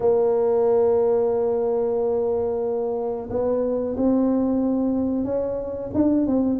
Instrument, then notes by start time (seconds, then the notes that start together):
tuba
0.00 A#3
3.30 B3
3.97 C4
5.24 C#4
5.94 D4
6.26 C4